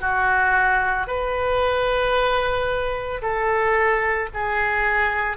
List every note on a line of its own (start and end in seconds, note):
0.00 1.07 F#4
1.07 3.21 B4
3.21 4.29 A4
4.33 5.37 G#4